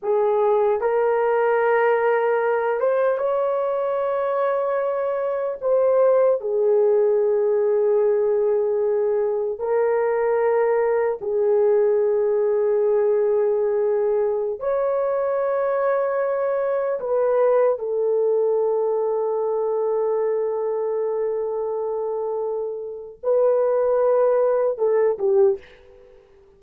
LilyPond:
\new Staff \with { instrumentName = "horn" } { \time 4/4 \tempo 4 = 75 gis'4 ais'2~ ais'8 c''8 | cis''2. c''4 | gis'1 | ais'2 gis'2~ |
gis'2~ gis'16 cis''4.~ cis''16~ | cis''4~ cis''16 b'4 a'4.~ a'16~ | a'1~ | a'4 b'2 a'8 g'8 | }